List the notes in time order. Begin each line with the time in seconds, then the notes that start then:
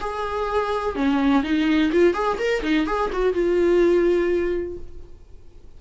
0.00 G#4
0.95 C#4
1.43 D#4
1.92 F4
2.14 G#4
2.39 A#4
2.63 D#4
2.86 G#4
3.13 F#4
3.33 F4